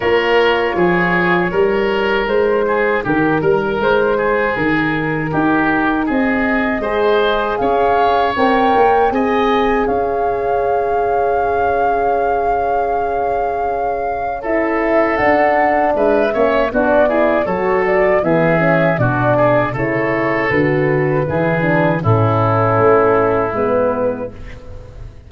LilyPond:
<<
  \new Staff \with { instrumentName = "flute" } { \time 4/4 \tempo 4 = 79 cis''2. c''4 | ais'4 c''4 ais'2 | dis''2 f''4 g''4 | gis''4 f''2.~ |
f''2. e''4 | fis''4 e''4 d''4 cis''8 d''8 | e''4 d''4 cis''4 b'4~ | b'4 a'2 b'4 | }
  \new Staff \with { instrumentName = "oboe" } { \time 4/4 ais'4 gis'4 ais'4. gis'8 | g'8 ais'4 gis'4. g'4 | gis'4 c''4 cis''2 | dis''4 cis''2.~ |
cis''2. a'4~ | a'4 b'8 cis''8 fis'8 gis'8 a'4 | gis'4 fis'8 gis'8 a'2 | gis'4 e'2. | }
  \new Staff \with { instrumentName = "horn" } { \time 4/4 f'2 dis'2~ | dis'1~ | dis'4 gis'2 ais'4 | gis'1~ |
gis'2. e'4 | d'4. cis'8 d'8 e'8 fis'4 | b8 cis'8 d'4 e'4 fis'4 | e'8 d'8 cis'2 b4 | }
  \new Staff \with { instrumentName = "tuba" } { \time 4/4 ais4 f4 g4 gis4 | dis8 g8 gis4 dis4 dis'4 | c'4 gis4 cis'4 c'8 ais8 | c'4 cis'2.~ |
cis'1 | d'4 gis8 ais8 b4 fis4 | e4 b,4 cis4 d4 | e4 a,4 a4 gis4 | }
>>